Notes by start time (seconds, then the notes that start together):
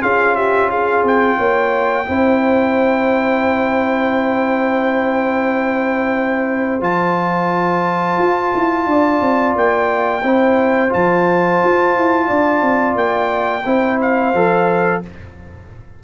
0.00 C#4 F4 G#4 F5
0.35 G4 E5
0.69 G#4 F5
1.03 C4 G5
1.37 A#3 C#5
2.05 C4 E4 C5
6.80 F3 F4 A5
8.18 F4
8.54 E4
8.86 D4 D5
9.20 C4
9.55 A#3 G5
10.23 C4 E4 C5
10.89 F3 F4 A5
11.63 F4
11.94 E4
12.27 D4 D5
12.61 C4
12.95 A#3 G5
13.65 C4 E4 C5
14.01 F5
14.33 F3 A4